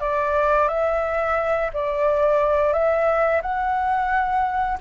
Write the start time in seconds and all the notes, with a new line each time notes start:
0.00 D5
0.68 E5
1.73 D5
2.73 E5
3.42 F#5